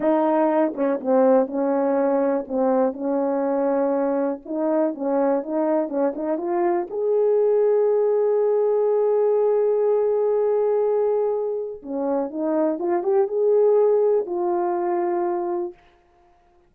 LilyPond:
\new Staff \with { instrumentName = "horn" } { \time 4/4 \tempo 4 = 122 dis'4. cis'8 c'4 cis'4~ | cis'4 c'4 cis'2~ | cis'4 dis'4 cis'4 dis'4 | cis'8 dis'8 f'4 gis'2~ |
gis'1~ | gis'1 | cis'4 dis'4 f'8 g'8 gis'4~ | gis'4 f'2. | }